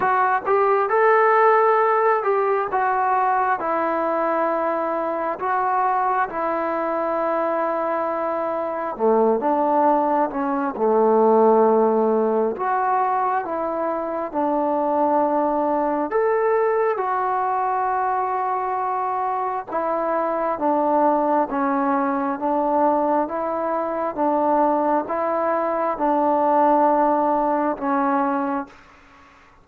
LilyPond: \new Staff \with { instrumentName = "trombone" } { \time 4/4 \tempo 4 = 67 fis'8 g'8 a'4. g'8 fis'4 | e'2 fis'4 e'4~ | e'2 a8 d'4 cis'8 | a2 fis'4 e'4 |
d'2 a'4 fis'4~ | fis'2 e'4 d'4 | cis'4 d'4 e'4 d'4 | e'4 d'2 cis'4 | }